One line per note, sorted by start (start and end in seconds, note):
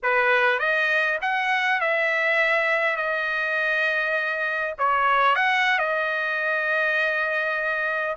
0.02 0.59 B4
0.59 1.18 D#5
1.21 1.80 F#5
1.80 2.96 E5
2.96 4.74 D#5
4.78 5.35 C#5
5.35 5.78 F#5
5.78 8.16 D#5